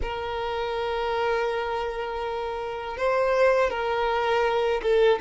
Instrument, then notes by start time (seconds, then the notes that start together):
violin
0.02 A#4
2.97 C5
3.70 A#4
4.82 A4